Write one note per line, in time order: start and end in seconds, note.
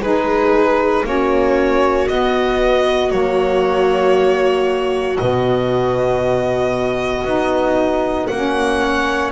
0.00 1.03 G#3
0.00 1.05 D#4
0.00 1.05 G#4
0.00 1.05 B4
1.05 2.08 A#3
1.05 2.07 C#4
1.05 8.81 F#4
1.05 2.08 C#5
2.07 3.09 B3
2.07 3.11 B3
2.07 3.11 D#5
3.09 5.18 F#3
3.09 5.16 A#3
3.09 5.17 C#5
5.18 7.24 B2
5.18 7.26 B3
5.18 8.27 D#5
7.24 8.28 B3
7.24 8.29 D#4
8.27 9.32 A#3
8.27 9.32 C#4
8.27 9.31 F#5
8.81 9.32 C#5